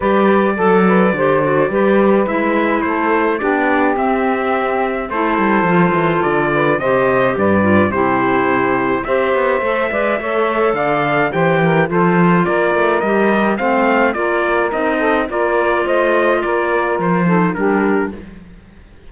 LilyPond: <<
  \new Staff \with { instrumentName = "trumpet" } { \time 4/4 \tempo 4 = 106 d''1 | e''4 c''4 d''4 e''4~ | e''4 c''2 d''4 | dis''4 d''4 c''2 |
e''2. f''4 | g''4 c''4 d''4 dis''4 | f''4 d''4 dis''4 d''4 | dis''4 d''4 c''4 ais'4 | }
  \new Staff \with { instrumentName = "saxophone" } { \time 4/4 b'4 a'8 b'8 c''4 b'4~ | b'4 a'4 g'2~ | g'4 a'2~ a'8 b'8 | c''4 b'4 g'2 |
c''4. d''8 cis''4 d''4 | c''8 ais'8 a'4 ais'2 | c''4 ais'4. a'8 ais'4 | c''4 ais'4. a'8 g'4 | }
  \new Staff \with { instrumentName = "clarinet" } { \time 4/4 g'4 a'4 g'8 fis'8 g'4 | e'2 d'4 c'4~ | c'4 e'4 f'2 | g'4. f'8 e'2 |
g'4 a'8 b'8 a'2 | g'4 f'2 g'4 | c'4 f'4 dis'4 f'4~ | f'2~ f'8 dis'8 d'4 | }
  \new Staff \with { instrumentName = "cello" } { \time 4/4 g4 fis4 d4 g4 | gis4 a4 b4 c'4~ | c'4 a8 g8 f8 e8 d4 | c4 g,4 c2 |
c'8 b8 a8 gis8 a4 d4 | e4 f4 ais8 a8 g4 | a4 ais4 c'4 ais4 | a4 ais4 f4 g4 | }
>>